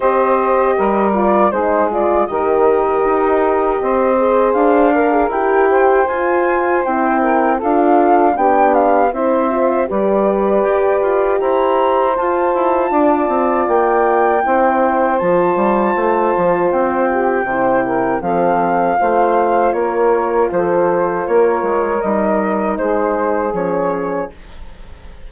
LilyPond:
<<
  \new Staff \with { instrumentName = "flute" } { \time 4/4 \tempo 4 = 79 dis''4. d''8 c''8 d''8 dis''4~ | dis''2 f''4 g''4 | gis''4 g''4 f''4 g''8 f''8 | e''4 d''2 ais''4 |
a''2 g''2 | a''2 g''2 | f''2 cis''4 c''4 | cis''4 dis''4 c''4 cis''4 | }
  \new Staff \with { instrumentName = "saxophone" } { \time 4/4 c''4 ais'4 gis'4 ais'4~ | ais'4 c''4. ais'4 c''8~ | c''4. ais'8 a'4 g'4 | c''4 b'2 c''4~ |
c''4 d''2 c''4~ | c''2~ c''8 g'8 c''8 ais'8 | a'4 c''4 ais'4 a'4 | ais'2 gis'2 | }
  \new Staff \with { instrumentName = "horn" } { \time 4/4 g'4. f'8 dis'8 f'8 g'4~ | g'4. gis'4 ais'16 gis'16 g'4 | f'4 e'4 f'4 d'4 | e'8 f'8 g'2. |
f'2. e'4 | f'2. e'4 | c'4 f'2.~ | f'4 dis'2 cis'4 | }
  \new Staff \with { instrumentName = "bassoon" } { \time 4/4 c'4 g4 gis4 dis4 | dis'4 c'4 d'4 e'4 | f'4 c'4 d'4 b4 | c'4 g4 g'8 f'8 e'4 |
f'8 e'8 d'8 c'8 ais4 c'4 | f8 g8 a8 f8 c'4 c4 | f4 a4 ais4 f4 | ais8 gis8 g4 gis4 f4 | }
>>